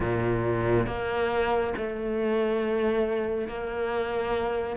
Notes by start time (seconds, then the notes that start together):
0.00 A#2
0.86 A#3
1.77 A3
3.48 A#3